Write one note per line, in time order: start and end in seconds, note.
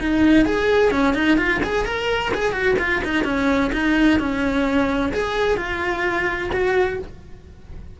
0.00 0.45 D#4
0.45 0.91 G#4
0.91 1.14 C#4
1.14 1.37 D#4
1.37 1.61 F4
1.63 1.86 G#4
1.86 2.32 A#4
2.34 2.52 G#4
2.52 2.75 F#4
2.79 3.02 F4
3.04 3.25 D#4
3.25 3.71 C#4
3.73 4.19 D#4
4.19 5.12 C#4
5.13 5.57 G#4
5.57 6.50 F4
6.53 6.99 F#4